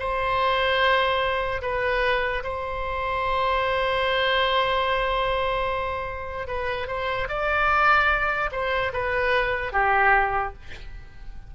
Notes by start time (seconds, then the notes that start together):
0.00 C5
1.62 B4
2.44 C5
6.48 B4
6.88 C5
7.29 D5
8.52 C5
8.93 B4
9.73 G4